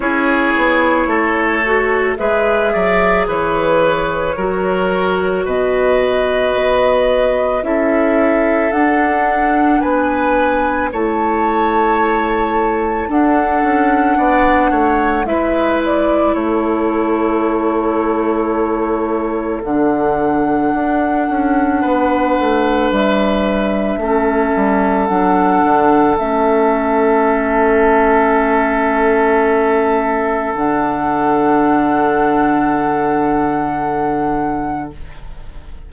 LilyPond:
<<
  \new Staff \with { instrumentName = "flute" } { \time 4/4 \tempo 4 = 55 cis''2 e''4 cis''4~ | cis''4 dis''2 e''4 | fis''4 gis''4 a''2 | fis''2 e''8 d''8 cis''4~ |
cis''2 fis''2~ | fis''4 e''2 fis''4 | e''1 | fis''1 | }
  \new Staff \with { instrumentName = "oboe" } { \time 4/4 gis'4 a'4 b'8 d''8 b'4 | ais'4 b'2 a'4~ | a'4 b'4 cis''2 | a'4 d''8 cis''8 b'4 a'4~ |
a'1 | b'2 a'2~ | a'1~ | a'1 | }
  \new Staff \with { instrumentName = "clarinet" } { \time 4/4 e'4. fis'8 gis'2 | fis'2. e'4 | d'2 e'2 | d'2 e'2~ |
e'2 d'2~ | d'2 cis'4 d'4 | cis'1 | d'1 | }
  \new Staff \with { instrumentName = "bassoon" } { \time 4/4 cis'8 b8 a4 gis8 fis8 e4 | fis4 b,4 b4 cis'4 | d'4 b4 a2 | d'8 cis'8 b8 a8 gis4 a4~ |
a2 d4 d'8 cis'8 | b8 a8 g4 a8 g8 fis8 d8 | a1 | d1 | }
>>